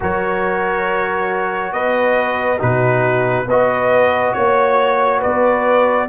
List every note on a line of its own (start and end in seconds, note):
0.00 1.72 F#3
0.00 2.57 F#4
0.00 1.73 A#4
0.00 1.72 C#5
1.72 2.59 B3
1.72 2.58 B4
1.72 2.59 D#5
2.57 3.46 B2
2.57 3.44 D#4
2.57 3.45 F#4
2.57 3.49 B4
3.46 4.33 B3
3.46 6.08 F#4
3.46 4.34 B4
3.46 4.33 D#5
4.33 5.23 A#3
4.33 5.20 C#5
4.33 5.19 C#5
5.19 6.08 B3
5.19 6.06 B4
5.19 6.08 D5